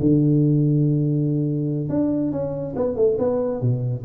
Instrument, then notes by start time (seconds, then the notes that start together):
tuba
0.00 D3
1.89 D4
2.32 C#4
2.76 B3
2.96 A3
3.19 B3
3.61 B2